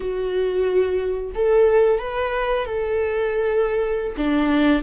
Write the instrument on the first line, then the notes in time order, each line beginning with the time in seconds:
viola
0.00 F#4
1.34 A4
1.98 B4
2.65 A4
4.17 D4